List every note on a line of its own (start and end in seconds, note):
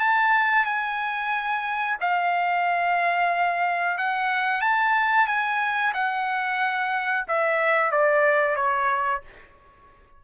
0.00 0.65 A5
0.65 1.97 G#5
2.00 3.98 F5
3.98 4.61 F#5
4.61 5.27 A5
5.27 5.93 G#5
5.94 7.26 F#5
7.28 7.92 E5
7.92 8.56 D5
8.56 9.22 C#5